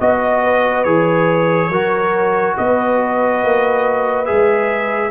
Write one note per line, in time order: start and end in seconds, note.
0.00 0.86 B3
0.00 0.86 F#4
0.00 0.43 D#5
0.00 0.84 D#5
0.44 1.71 B4
0.84 1.70 E3
0.84 1.72 G#4
0.84 2.56 C#5
1.70 2.56 F#3
1.70 4.26 F#4
1.70 2.57 A#4
2.57 3.44 B3
2.57 5.11 B4
2.57 4.26 D#5
3.44 4.30 A#3
4.26 5.11 G#3
4.26 5.11 G#4
4.26 5.11 E5